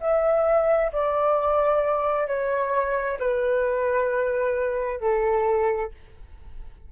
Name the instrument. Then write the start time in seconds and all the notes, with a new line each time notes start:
flute
0.00 E5
0.92 D5
2.27 C#5
3.19 B4
5.00 A4